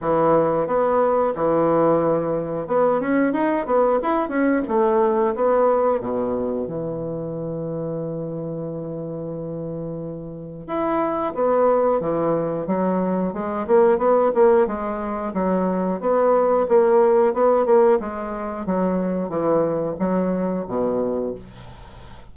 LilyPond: \new Staff \with { instrumentName = "bassoon" } { \time 4/4 \tempo 4 = 90 e4 b4 e2 | b8 cis'8 dis'8 b8 e'8 cis'8 a4 | b4 b,4 e2~ | e1 |
e'4 b4 e4 fis4 | gis8 ais8 b8 ais8 gis4 fis4 | b4 ais4 b8 ais8 gis4 | fis4 e4 fis4 b,4 | }